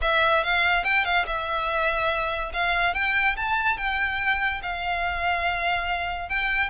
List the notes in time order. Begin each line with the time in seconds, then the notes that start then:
0.01 E5
0.43 F5
0.84 G5
1.04 F5
1.26 E5
2.53 F5
2.94 G5
3.36 A5
3.77 G5
4.62 F5
6.29 G5